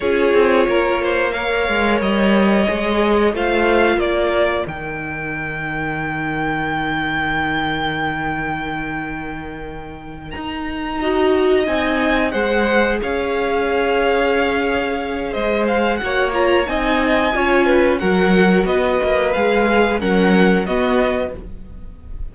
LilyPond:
<<
  \new Staff \with { instrumentName = "violin" } { \time 4/4 \tempo 4 = 90 cis''2 f''4 dis''4~ | dis''4 f''4 d''4 g''4~ | g''1~ | g''2.~ g''8 ais''8~ |
ais''4. gis''4 fis''4 f''8~ | f''2. dis''8 f''8 | fis''8 ais''8 gis''2 fis''4 | dis''4 f''4 fis''4 dis''4 | }
  \new Staff \with { instrumentName = "violin" } { \time 4/4 gis'4 ais'8 c''8 cis''2~ | cis''4 c''4 ais'2~ | ais'1~ | ais'1~ |
ais'8 dis''2 c''4 cis''8~ | cis''2. c''4 | cis''4 dis''4 cis''8 b'8 ais'4 | b'2 ais'4 fis'4 | }
  \new Staff \with { instrumentName = "viola" } { \time 4/4 f'2 ais'2 | gis'4 f'2 dis'4~ | dis'1~ | dis'1~ |
dis'8 fis'4 dis'4 gis'4.~ | gis'1 | fis'8 f'8 dis'4 f'4 fis'4~ | fis'4 gis'4 cis'4 b4 | }
  \new Staff \with { instrumentName = "cello" } { \time 4/4 cis'8 c'8 ais4. gis8 g4 | gis4 a4 ais4 dis4~ | dis1~ | dis2.~ dis8 dis'8~ |
dis'4. c'4 gis4 cis'8~ | cis'2. gis4 | ais4 c'4 cis'4 fis4 | b8 ais8 gis4 fis4 b4 | }
>>